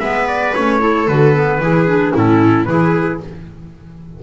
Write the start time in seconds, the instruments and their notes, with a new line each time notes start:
0.00 double bass G#3, clarinet B3, viola B4, trumpet E5
0.27 trumpet D5
0.54 double bass A3, clarinet C#4, trumpet C#5
0.79 clarinet E4, viola A4
1.08 double bass D3, clarinet F#4, trumpet B4
1.34 clarinet B3
1.59 double bass E3, clarinet E4, viola G#4
1.87 clarinet D4
2.13 double bass A2, clarinet C#4, viola E4, trumpet A4
2.65 double bass E3, clarinet E4, viola G#4, trumpet B4